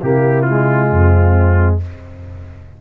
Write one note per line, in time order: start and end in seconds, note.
0.00 0.91 C3
0.00 0.46 A#3
0.00 0.90 E4
0.00 0.42 G4
0.42 1.81 G#3
0.42 1.76 F4
0.90 1.80 F2
0.90 1.79 C4